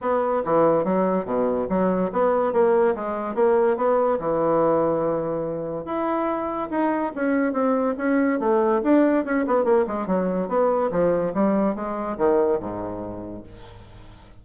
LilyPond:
\new Staff \with { instrumentName = "bassoon" } { \time 4/4 \tempo 4 = 143 b4 e4 fis4 b,4 | fis4 b4 ais4 gis4 | ais4 b4 e2~ | e2 e'2 |
dis'4 cis'4 c'4 cis'4 | a4 d'4 cis'8 b8 ais8 gis8 | fis4 b4 f4 g4 | gis4 dis4 gis,2 | }